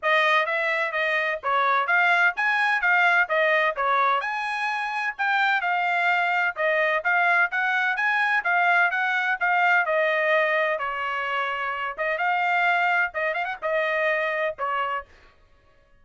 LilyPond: \new Staff \with { instrumentName = "trumpet" } { \time 4/4 \tempo 4 = 128 dis''4 e''4 dis''4 cis''4 | f''4 gis''4 f''4 dis''4 | cis''4 gis''2 g''4 | f''2 dis''4 f''4 |
fis''4 gis''4 f''4 fis''4 | f''4 dis''2 cis''4~ | cis''4. dis''8 f''2 | dis''8 f''16 fis''16 dis''2 cis''4 | }